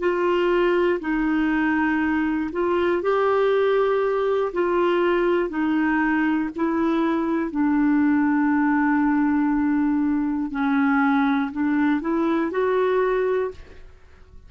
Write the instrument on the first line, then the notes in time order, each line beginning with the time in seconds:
clarinet
0.00 F4
1.00 D#4
2.53 F4
3.02 G4
4.53 F4
5.50 D#4
6.56 E4
7.51 D4
10.51 C#4
11.52 D4
12.02 E4
12.52 F#4